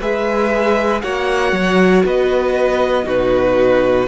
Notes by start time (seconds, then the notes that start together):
0.00 G#3 G#4 B4 E5
1.01 A#3 F#4 C#5 F#5
1.52 F#3
2.05 B3 B4 D#5
3.03 B2 D#4 F#4 B4